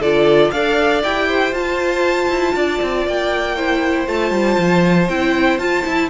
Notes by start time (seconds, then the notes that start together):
0.00 D3 F4 A4 D5
0.51 D4 A4 D5 F5
1.03 E4 G4 G5
1.28 C5
1.52 F4 A5
2.29 E4
2.55 D4 D5
2.82 C4
3.07 A#3 G5
3.56 E4 C5
4.07 A3 F4 A5
4.31 G3
4.59 F3
5.09 C4 E4 G5
5.59 F4 A5
5.83 E4